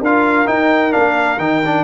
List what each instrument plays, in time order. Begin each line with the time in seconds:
0.00 tuba D4, trombone F4, horn A#4, trumpet F5
0.46 trombone D#4, tuba D#4, trumpet G5
0.91 tuba A#3, trombone D4, trumpet F5
1.38 tuba D#3, trombone D#4, trumpet G5
1.66 trombone D4